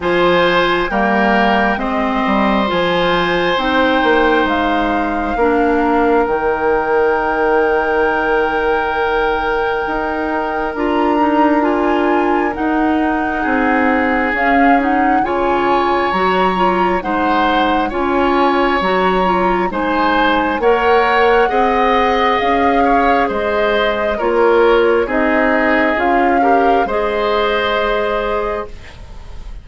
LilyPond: <<
  \new Staff \with { instrumentName = "flute" } { \time 4/4 \tempo 4 = 67 gis''4 g''4 dis''4 gis''4 | g''4 f''2 g''4~ | g''1 | ais''4 gis''4 fis''2 |
f''8 fis''8 gis''4 ais''4 fis''4 | gis''4 ais''4 gis''4 fis''4~ | fis''4 f''4 dis''4 cis''4 | dis''4 f''4 dis''2 | }
  \new Staff \with { instrumentName = "oboe" } { \time 4/4 c''4 ais'4 c''2~ | c''2 ais'2~ | ais'1~ | ais'2. gis'4~ |
gis'4 cis''2 c''4 | cis''2 c''4 cis''4 | dis''4. cis''8 c''4 ais'4 | gis'4. ais'8 c''2 | }
  \new Staff \with { instrumentName = "clarinet" } { \time 4/4 f'4 ais4 c'4 f'4 | dis'2 d'4 dis'4~ | dis'1 | f'8 dis'8 f'4 dis'2 |
cis'8 dis'8 f'4 fis'8 f'8 dis'4 | f'4 fis'8 f'8 dis'4 ais'4 | gis'2. f'4 | dis'4 f'8 g'8 gis'2 | }
  \new Staff \with { instrumentName = "bassoon" } { \time 4/4 f4 g4 gis8 g8 f4 | c'8 ais8 gis4 ais4 dis4~ | dis2. dis'4 | d'2 dis'4 c'4 |
cis'4 cis4 fis4 gis4 | cis'4 fis4 gis4 ais4 | c'4 cis'4 gis4 ais4 | c'4 cis'4 gis2 | }
>>